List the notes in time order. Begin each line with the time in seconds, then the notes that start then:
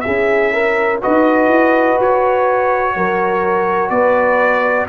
0.00 E4 G#4 E5
0.06 C#4
0.53 A#4
1.01 D#4 F#4 B4 D#5
1.47 E4
1.99 F#4 C#5
2.95 F#3 A#4
3.89 B3 B4 D5